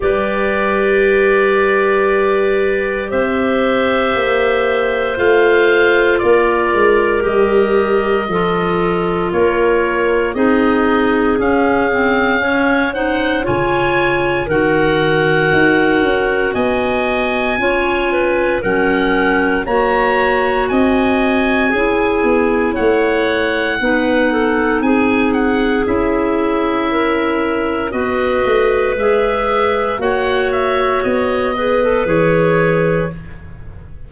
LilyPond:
<<
  \new Staff \with { instrumentName = "oboe" } { \time 4/4 \tempo 4 = 58 d''2. e''4~ | e''4 f''4 d''4 dis''4~ | dis''4 cis''4 dis''4 f''4~ | f''8 fis''8 gis''4 fis''2 |
gis''2 fis''4 ais''4 | gis''2 fis''2 | gis''8 fis''8 e''2 dis''4 | e''4 fis''8 e''8 dis''4 cis''4 | }
  \new Staff \with { instrumentName = "clarinet" } { \time 4/4 b'2. c''4~ | c''2 ais'2 | a'4 ais'4 gis'2 | cis''8 c''8 cis''4 ais'2 |
dis''4 cis''8 b'8 ais'4 cis''4 | dis''4 gis'4 cis''4 b'8 a'8 | gis'2 ais'4 b'4~ | b'4 cis''4. b'4. | }
  \new Staff \with { instrumentName = "clarinet" } { \time 4/4 g'1~ | g'4 f'2 g'4 | f'2 dis'4 cis'8 c'8 | cis'8 dis'8 f'4 fis'2~ |
fis'4 f'4 cis'4 fis'4~ | fis'4 e'2 dis'4~ | dis'4 e'2 fis'4 | gis'4 fis'4. gis'16 a'16 gis'4 | }
  \new Staff \with { instrumentName = "tuba" } { \time 4/4 g2. c'4 | ais4 a4 ais8 gis8 g4 | f4 ais4 c'4 cis'4~ | cis'4 cis4 dis4 dis'8 cis'8 |
b4 cis'4 fis4 ais4 | c'4 cis'8 b8 a4 b4 | c'4 cis'2 b8 a8 | gis4 ais4 b4 e4 | }
>>